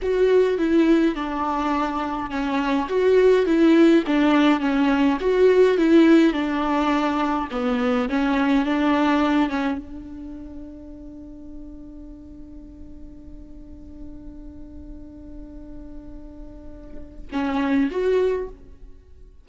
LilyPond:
\new Staff \with { instrumentName = "viola" } { \time 4/4 \tempo 4 = 104 fis'4 e'4 d'2 | cis'4 fis'4 e'4 d'4 | cis'4 fis'4 e'4 d'4~ | d'4 b4 cis'4 d'4~ |
d'8 cis'8 d'2.~ | d'1~ | d'1~ | d'2 cis'4 fis'4 | }